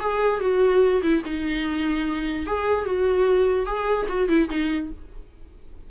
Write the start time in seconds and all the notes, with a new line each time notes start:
0.00 G#4
0.41 F#4
1.02 E4
1.25 D#4
2.46 G#4
2.85 F#4
3.66 G#4
4.09 F#4
4.29 E4
4.50 D#4